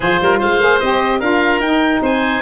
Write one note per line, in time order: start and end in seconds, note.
0.00 0.17 F3
0.00 0.60 F4
0.00 0.20 G#4
0.00 0.38 C5
0.21 0.41 G3
0.21 0.39 A#4
0.39 0.59 G#3
0.39 1.19 C5
0.39 0.79 F5
0.59 0.80 A#3
0.59 0.80 G#4
0.79 1.20 C4
0.79 1.21 G4
0.79 1.20 D#5
1.19 1.59 D4
1.19 1.61 F4
1.19 2.00 A#4
1.19 1.61 F5
1.59 2.00 D#4
1.59 2.41 D#4
1.59 2.01 G5
2.02 2.41 C4
2.02 2.41 C5
2.02 2.41 G#5